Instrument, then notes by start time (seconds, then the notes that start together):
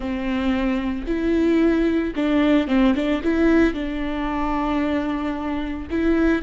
viola
0.00 C4
1.06 E4
2.15 D4
2.67 C4
2.95 D4
3.23 E4
3.73 D4
5.90 E4